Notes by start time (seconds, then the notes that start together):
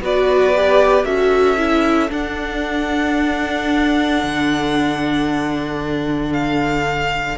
0.00 B3 F#4 B4 D5
0.55 G4
1.04 C#4 F#4 A4 E5
1.57 E4
2.09 D4 F#5
4.22 D3
6.33 F5